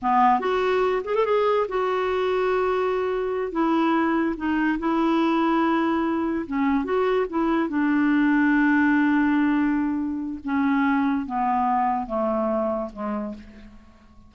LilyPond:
\new Staff \with { instrumentName = "clarinet" } { \time 4/4 \tempo 4 = 144 b4 fis'4. gis'16 a'16 gis'4 | fis'1~ | fis'8 e'2 dis'4 e'8~ | e'2.~ e'8 cis'8~ |
cis'8 fis'4 e'4 d'4.~ | d'1~ | d'4 cis'2 b4~ | b4 a2 gis4 | }